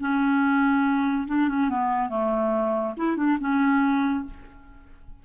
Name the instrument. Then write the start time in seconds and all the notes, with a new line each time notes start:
clarinet
0.00 C#4
1.28 D4
1.49 C#4
1.69 B3
2.09 A3
2.97 E4
3.17 D4
3.40 C#4